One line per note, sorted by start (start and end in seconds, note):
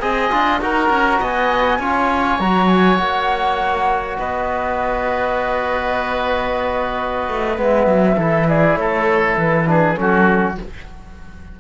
0.00 0.32 C4
0.00 0.31 G#4
0.00 0.61 D#5
0.00 0.59 G#5
0.31 0.61 D4
0.31 0.61 F4
0.61 0.90 D#4
0.61 1.81 F#4
0.61 1.20 A#4
0.61 1.24 A#5
0.90 1.19 C#4
1.20 1.79 B3
1.20 1.79 D#5
1.20 2.40 G#5
1.79 2.38 C#4
1.79 2.40 F4
1.79 4.18 C#5
2.39 2.99 F#3
2.39 7.57 F#4
2.39 2.68 A#5
2.68 2.98 G#5
2.98 4.18 A#3
2.98 4.17 F#5
4.19 7.29 B3
4.19 8.17 B4
4.19 7.60 D#5
7.29 7.58 A3
7.57 7.87 G#3
7.57 8.17 B3
7.57 8.49 E5
7.87 8.17 F#3
8.17 8.76 E3
8.17 9.66 E4
8.17 8.47 A4
8.49 8.79 G#4
8.49 8.77 D5
8.76 9.36 A3
8.76 9.69 A4
8.76 9.36 C#5
9.37 9.97 E3
9.37 9.97 B4
9.67 9.96 D4
9.67 9.99 G#4
9.96 10.58 F#3
9.96 10.56 C#4
9.96 10.60 F#4
9.96 10.56 A4